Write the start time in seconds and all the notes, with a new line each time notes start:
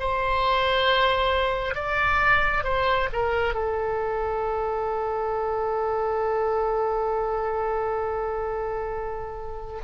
0.00 C5
1.75 D5
2.64 C5
3.13 A#4
3.55 A4